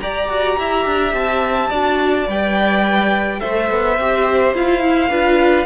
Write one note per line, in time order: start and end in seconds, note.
0.00 0.29 G4
0.00 1.72 G4
0.00 0.59 D5
0.00 1.13 A#5
0.29 0.57 F#4
0.59 0.86 E4
0.59 1.70 E5
0.86 1.13 D4
1.13 1.70 C4
1.13 2.27 A5
1.70 2.27 D4
1.70 2.27 F#4
1.70 3.40 D5
2.27 3.41 G3
2.27 3.39 B4
2.27 3.40 G5
3.39 3.70 A3
3.39 3.96 A4
3.39 5.10 C5
3.39 4.53 E5
3.70 3.99 B3
3.99 4.54 C4
3.99 4.55 G4
4.54 5.10 E4
4.54 4.82 F4
4.54 5.66 F5
4.82 5.11 E4
5.10 5.66 D4
5.10 5.66 F4
5.10 5.66 B4